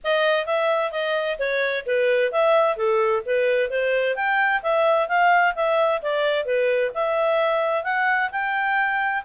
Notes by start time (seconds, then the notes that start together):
0.04 D#5
0.46 E5
0.91 D#5
1.38 C#5
1.86 B4
2.31 E5
2.76 A4
3.25 B4
3.70 C5
4.15 G5
4.62 E5
5.08 F5
5.55 E5
6.01 D5
6.45 B4
6.94 E5
7.83 F#5
8.31 G5